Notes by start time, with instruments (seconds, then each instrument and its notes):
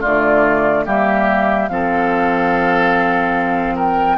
0.00 bassoon D3, clarinet A3, oboe F4, flute D5
0.85 bassoon G3, clarinet A#3, oboe G4, flute E5
1.68 bassoon F3, clarinet C4, oboe A4, flute F5
3.75 oboe A#4, flute G5